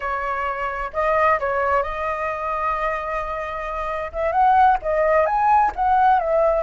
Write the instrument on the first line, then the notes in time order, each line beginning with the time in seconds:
flute
0.00 C#5
0.93 D#5
1.39 C#5
1.82 D#5
4.12 E5
4.32 F#5
4.82 D#5
5.25 G#5
5.75 F#5
6.19 E5